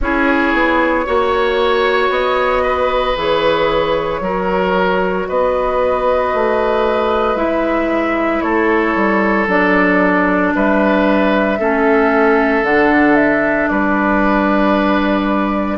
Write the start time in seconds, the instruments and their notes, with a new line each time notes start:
0.00 bassoon C#4, clarinet E4, oboe G#4, flute C#5
0.53 bassoon B3
1.05 bassoon A#3, clarinet F#4, oboe C#5
2.09 bassoon B3, flute D#5
2.62 oboe B4
3.16 bassoon E3, clarinet G#4, flute C#5
4.20 bassoon F#3, clarinet F#4, oboe A#4
5.28 bassoon B3, oboe B4, flute D#5
6.34 bassoon A3
7.35 bassoon G#3, clarinet E4, flute E5
8.41 bassoon A3, oboe A4, flute C#5
8.95 bassoon G3
9.47 bassoon F#3, clarinet D4, flute D5
10.54 bassoon G3, oboe B4, flute E5
11.58 bassoon A3, clarinet C#4, oboe A4
12.62 bassoon D3, clarinet D4, flute F#5
13.15 flute E5
13.67 bassoon G3, oboe B4, flute D5